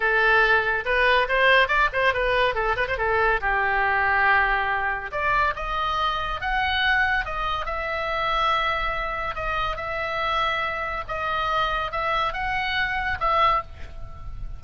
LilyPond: \new Staff \with { instrumentName = "oboe" } { \time 4/4 \tempo 4 = 141 a'2 b'4 c''4 | d''8 c''8 b'4 a'8 b'16 c''16 a'4 | g'1 | d''4 dis''2 fis''4~ |
fis''4 dis''4 e''2~ | e''2 dis''4 e''4~ | e''2 dis''2 | e''4 fis''2 e''4 | }